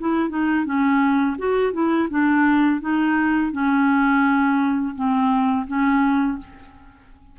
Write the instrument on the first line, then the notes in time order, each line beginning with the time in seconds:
clarinet
0.00 E4
0.30 D#4
0.66 C#4
1.39 F#4
1.73 E4
2.10 D4
2.81 D#4
3.53 C#4
4.96 C4
5.68 C#4